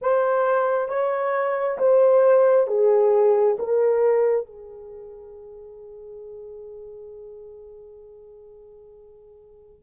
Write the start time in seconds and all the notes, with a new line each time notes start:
0.01 C5
0.88 C#5
1.78 C5
2.67 G#4
3.58 A#4
4.46 G#4